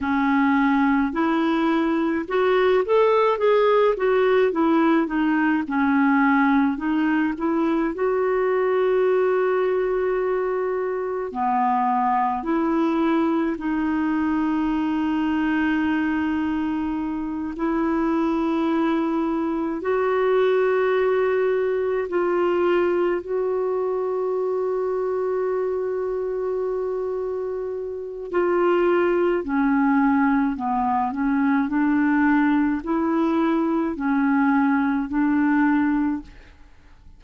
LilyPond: \new Staff \with { instrumentName = "clarinet" } { \time 4/4 \tempo 4 = 53 cis'4 e'4 fis'8 a'8 gis'8 fis'8 | e'8 dis'8 cis'4 dis'8 e'8 fis'4~ | fis'2 b4 e'4 | dis'2.~ dis'8 e'8~ |
e'4. fis'2 f'8~ | f'8 fis'2.~ fis'8~ | fis'4 f'4 cis'4 b8 cis'8 | d'4 e'4 cis'4 d'4 | }